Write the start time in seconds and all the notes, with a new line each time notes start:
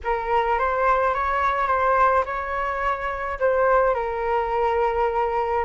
0.03 A#4
0.58 C5
1.14 C#5
1.67 C5
2.25 C#5
3.39 C5
3.94 A#4